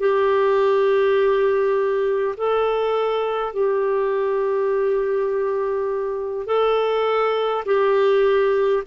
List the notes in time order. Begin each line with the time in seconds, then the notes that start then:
0.00 G4
2.37 A4
3.53 G4
6.47 A4
7.66 G4